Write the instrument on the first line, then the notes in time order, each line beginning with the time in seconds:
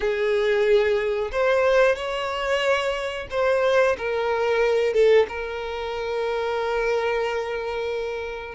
violin
0.00 G#4
1.31 C5
1.95 C#5
3.30 C5
3.97 A#4
4.93 A4
5.28 A#4